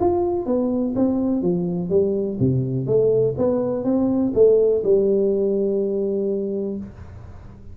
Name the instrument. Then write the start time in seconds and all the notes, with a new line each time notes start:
tuba
0.00 F4
0.46 B3
0.96 C4
1.42 F3
1.90 G3
2.39 C3
2.87 A3
3.38 B3
3.84 C4
4.34 A3
4.84 G3